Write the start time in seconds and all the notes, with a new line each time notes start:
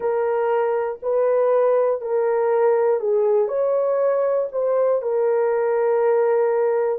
0.00 A#4
1.02 B4
2.00 A#4
3.00 G#4
3.47 C#5
4.51 C5
5.02 A#4